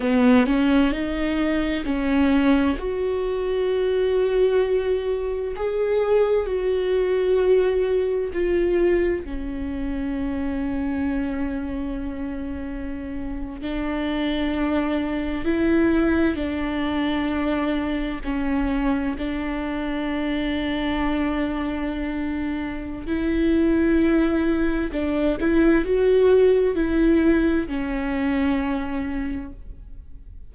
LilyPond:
\new Staff \with { instrumentName = "viola" } { \time 4/4 \tempo 4 = 65 b8 cis'8 dis'4 cis'4 fis'4~ | fis'2 gis'4 fis'4~ | fis'4 f'4 cis'2~ | cis'2~ cis'8. d'4~ d'16~ |
d'8. e'4 d'2 cis'16~ | cis'8. d'2.~ d'16~ | d'4 e'2 d'8 e'8 | fis'4 e'4 cis'2 | }